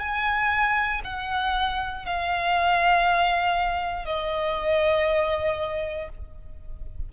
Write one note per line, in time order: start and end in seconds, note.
0.00 1.02 G#5
1.04 2.06 F#5
2.06 4.06 F5
4.06 6.09 D#5